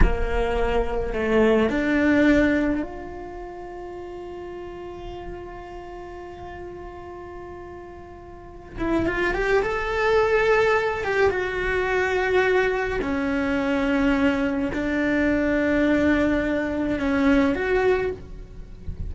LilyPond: \new Staff \with { instrumentName = "cello" } { \time 4/4 \tempo 4 = 106 ais2 a4 d'4~ | d'4 f'2.~ | f'1~ | f'2.~ f'8 e'8 |
f'8 g'8 a'2~ a'8 g'8 | fis'2. cis'4~ | cis'2 d'2~ | d'2 cis'4 fis'4 | }